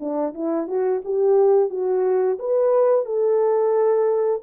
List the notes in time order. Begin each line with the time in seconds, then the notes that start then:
0.00 D4
0.34 E4
0.68 F#4
1.05 G4
1.70 F#4
2.39 B4
3.06 A4